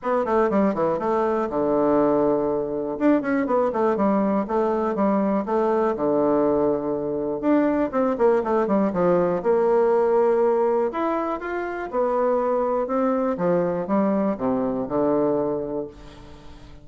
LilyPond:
\new Staff \with { instrumentName = "bassoon" } { \time 4/4 \tempo 4 = 121 b8 a8 g8 e8 a4 d4~ | d2 d'8 cis'8 b8 a8 | g4 a4 g4 a4 | d2. d'4 |
c'8 ais8 a8 g8 f4 ais4~ | ais2 e'4 f'4 | b2 c'4 f4 | g4 c4 d2 | }